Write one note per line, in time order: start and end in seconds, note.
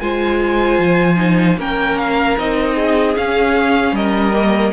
0.00 0.78 G#3
0.00 1.16 F4
0.00 1.59 C5
0.00 1.58 G#5
0.78 1.57 F3
1.16 1.56 D#4
1.57 2.36 A#3
1.57 2.37 C#4
1.57 2.75 A#4
1.57 1.98 G5
1.98 2.37 F5
2.37 3.16 C4
2.37 3.15 D#4
2.37 3.16 D#5
2.75 3.93 G#4
3.15 4.32 C#4
3.15 3.92 C#4
3.15 3.95 F5
3.92 4.71 G3
3.92 4.73 A#4
3.92 4.73 D#5
4.32 4.72 A#3